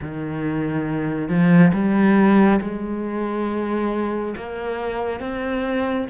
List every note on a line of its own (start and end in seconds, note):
0.01 1.28 D#3
1.28 1.72 F3
1.73 2.60 G3
2.60 4.34 G#3
4.36 5.20 A#3
5.20 6.07 C4